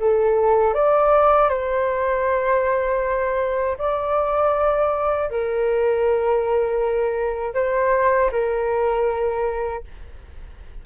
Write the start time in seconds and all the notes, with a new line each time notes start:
0.00 A4
0.75 D5
1.50 C5
3.78 D5
5.31 A#4
7.55 C5
8.32 A#4